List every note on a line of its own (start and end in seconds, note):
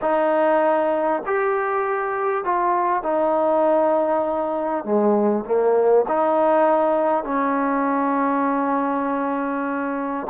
0.01 1.23 D#4
1.26 2.44 G4
2.44 3.02 F4
3.02 4.84 D#4
4.84 5.45 G#3
5.45 6.05 A#3
6.07 7.24 D#4
7.24 10.27 C#4